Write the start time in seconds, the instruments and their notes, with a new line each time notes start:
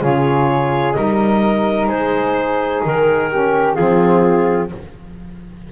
0.00 double bass C#3, saxophone F4, flute G#4, clarinet C#5
0.93 double bass G3, saxophone D#4, flute A#4, clarinet D#5
1.86 double bass G#3, flute G#4, clarinet C5
2.85 double bass D#3, clarinet A#4
3.30 saxophone C#4, flute G4
3.74 double bass F3, saxophone C4, flute F4, clarinet G#4